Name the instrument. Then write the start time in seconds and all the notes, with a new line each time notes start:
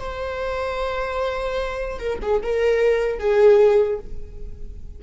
viola
0.00 C5
2.00 A#4
2.22 G#4
2.43 A#4
3.19 G#4